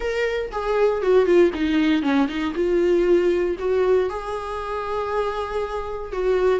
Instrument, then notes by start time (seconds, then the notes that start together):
viola
0.00 A#4
0.51 G#4
1.02 F#4
1.25 F4
1.54 D#4
2.02 C#4
2.28 D#4
2.54 F4
3.58 F#4
4.09 G#4
6.12 F#4